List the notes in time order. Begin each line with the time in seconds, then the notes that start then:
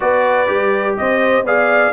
0.00 B3 F#4 B4 D5
0.47 G3 G4
0.97 C4 C5 D#5
1.42 B3 G#4 D5 F5